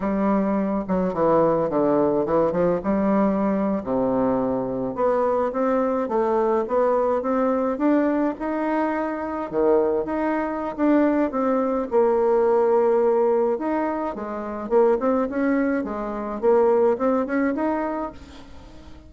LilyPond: \new Staff \with { instrumentName = "bassoon" } { \time 4/4 \tempo 4 = 106 g4. fis8 e4 d4 | e8 f8 g4.~ g16 c4~ c16~ | c8. b4 c'4 a4 b16~ | b8. c'4 d'4 dis'4~ dis'16~ |
dis'8. dis4 dis'4~ dis'16 d'4 | c'4 ais2. | dis'4 gis4 ais8 c'8 cis'4 | gis4 ais4 c'8 cis'8 dis'4 | }